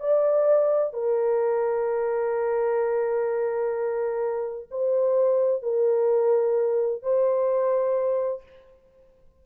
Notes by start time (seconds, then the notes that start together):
0.00 D5
0.93 A#4
4.71 C5
5.62 A#4
7.02 C5